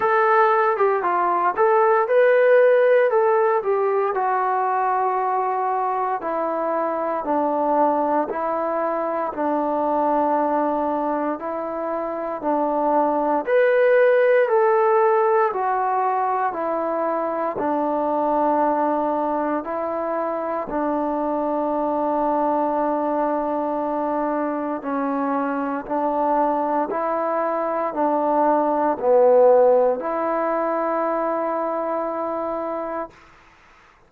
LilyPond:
\new Staff \with { instrumentName = "trombone" } { \time 4/4 \tempo 4 = 58 a'8. g'16 f'8 a'8 b'4 a'8 g'8 | fis'2 e'4 d'4 | e'4 d'2 e'4 | d'4 b'4 a'4 fis'4 |
e'4 d'2 e'4 | d'1 | cis'4 d'4 e'4 d'4 | b4 e'2. | }